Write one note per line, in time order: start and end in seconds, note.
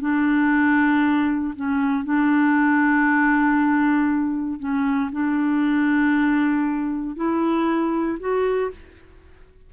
0.00 1.54 D4
1.55 2.04 C#4
2.04 4.59 D4
4.59 5.10 C#4
5.11 7.16 D4
7.16 8.18 E4
8.19 8.71 F#4